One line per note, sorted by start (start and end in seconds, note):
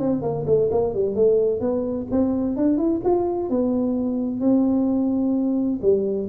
0.00 0.22 C4
0.22 0.45 A#3
0.47 0.70 A3
0.72 0.95 A#3
0.95 1.16 G3
1.16 1.61 A3
1.61 2.07 B3
2.12 2.57 C4
2.57 2.78 D4
2.78 3.01 E4
3.05 3.50 F4
3.50 4.41 B3
4.41 5.80 C4
5.82 6.29 G3